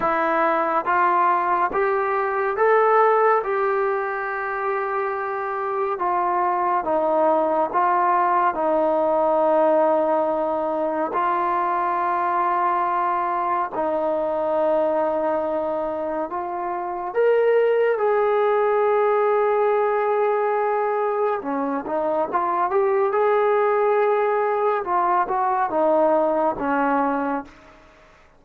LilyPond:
\new Staff \with { instrumentName = "trombone" } { \time 4/4 \tempo 4 = 70 e'4 f'4 g'4 a'4 | g'2. f'4 | dis'4 f'4 dis'2~ | dis'4 f'2. |
dis'2. f'4 | ais'4 gis'2.~ | gis'4 cis'8 dis'8 f'8 g'8 gis'4~ | gis'4 f'8 fis'8 dis'4 cis'4 | }